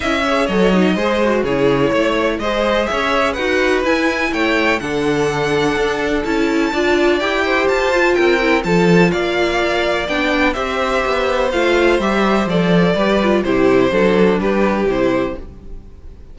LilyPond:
<<
  \new Staff \with { instrumentName = "violin" } { \time 4/4 \tempo 4 = 125 e''4 dis''2 cis''4~ | cis''4 dis''4 e''4 fis''4 | gis''4 g''4 fis''2~ | fis''4 a''2 g''4 |
a''4 g''4 a''4 f''4~ | f''4 g''4 e''2 | f''4 e''4 d''2 | c''2 b'4 c''4 | }
  \new Staff \with { instrumentName = "violin" } { \time 4/4 dis''8 cis''4. c''4 gis'4 | cis''4 c''4 cis''4 b'4~ | b'4 cis''4 a'2~ | a'2 d''4. c''8~ |
c''4 ais'4 a'4 d''4~ | d''2 c''2~ | c''2. b'4 | g'4 a'4 g'2 | }
  \new Staff \with { instrumentName = "viola" } { \time 4/4 e'8 gis'8 a'8 dis'8 gis'8 fis'8 e'4~ | e'4 gis'2 fis'4 | e'2 d'2~ | d'4 e'4 f'4 g'4~ |
g'8 f'4 e'8 f'2~ | f'4 d'4 g'2 | f'4 g'4 a'4 g'8 f'8 | e'4 d'2 e'4 | }
  \new Staff \with { instrumentName = "cello" } { \time 4/4 cis'4 fis4 gis4 cis4 | a4 gis4 cis'4 dis'4 | e'4 a4 d2 | d'4 cis'4 d'4 e'4 |
f'4 c'4 f4 ais4~ | ais4 b4 c'4 b4 | a4 g4 f4 g4 | c4 fis4 g4 c4 | }
>>